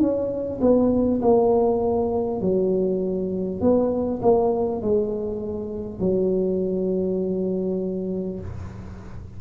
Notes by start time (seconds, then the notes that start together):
0.00 C#4
0.61 B3
1.22 A#3
2.42 F#3
3.61 B3
4.22 A#3
4.82 G#3
6.00 F#3